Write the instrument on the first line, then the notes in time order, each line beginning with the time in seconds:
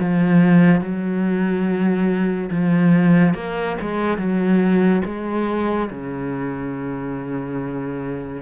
cello
0.00 F3
0.81 F#3
2.51 F3
3.35 A#3
3.81 G#3
4.18 F#3
5.05 G#3
5.90 C#3